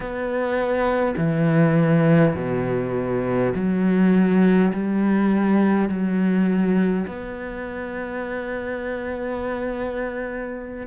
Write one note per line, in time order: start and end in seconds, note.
0.00 1.14 B3
1.17 2.35 E3
2.35 3.53 B2
3.55 4.72 F#3
4.73 5.88 G3
5.88 7.06 F#3
7.07 10.87 B3